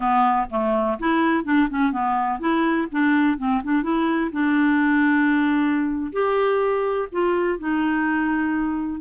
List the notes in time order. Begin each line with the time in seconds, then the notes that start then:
0.00 B3
0.50 A3
0.99 E4
1.44 D4
1.70 C#4
1.92 B3
2.39 E4
2.91 D4
3.38 C4
3.63 D4
3.82 E4
4.32 D4
6.12 G4
7.12 F4
7.58 D#4